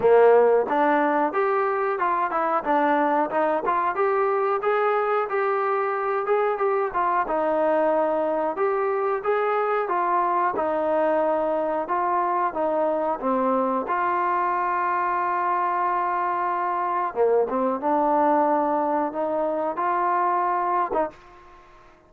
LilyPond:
\new Staff \with { instrumentName = "trombone" } { \time 4/4 \tempo 4 = 91 ais4 d'4 g'4 f'8 e'8 | d'4 dis'8 f'8 g'4 gis'4 | g'4. gis'8 g'8 f'8 dis'4~ | dis'4 g'4 gis'4 f'4 |
dis'2 f'4 dis'4 | c'4 f'2.~ | f'2 ais8 c'8 d'4~ | d'4 dis'4 f'4.~ f'16 dis'16 | }